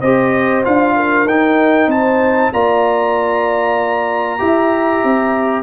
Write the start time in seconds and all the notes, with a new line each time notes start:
0.00 C4 G4 C5 D#5
0.64 D4 F4 F5
0.96 A#4
1.25 D#4 G5
1.87 C4 C5 A5
2.52 A#3 F4 D5 A#5
4.38 E4 G4 E5
5.03 C4